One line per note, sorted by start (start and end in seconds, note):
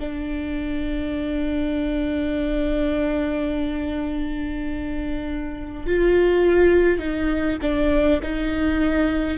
0.00 5.87 D4
5.87 6.99 F4
6.99 7.58 D#4
7.62 8.21 D4
8.22 9.38 D#4